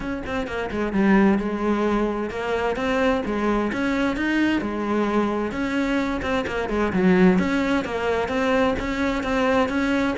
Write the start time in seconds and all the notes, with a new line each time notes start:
0.00 C#4
0.26 C4
0.47 A#3
0.71 G#3
0.92 G3
1.38 G#3
2.30 A#3
2.76 C4
3.25 G#3
3.72 C#4
4.16 D#4
4.61 G#3
5.51 C#4
6.22 C4
6.47 A#3
6.69 G#3
6.93 F#3
7.38 C#4
7.84 A#3
8.28 C4
8.79 C#4
9.23 C4
9.68 C#4